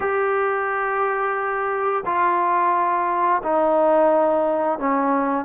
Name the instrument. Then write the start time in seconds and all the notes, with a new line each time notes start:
trombone
0.00 G4
2.05 F4
3.43 D#4
4.78 C#4